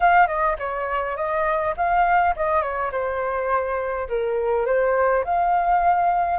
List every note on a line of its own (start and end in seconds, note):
0.00 0.27 F5
0.27 0.56 D#5
0.59 1.16 C#5
1.16 1.74 D#5
1.76 2.35 F5
2.36 2.61 D#5
2.61 2.90 C#5
2.91 4.08 C5
4.08 4.65 A#4
4.65 5.24 C5
5.24 6.39 F5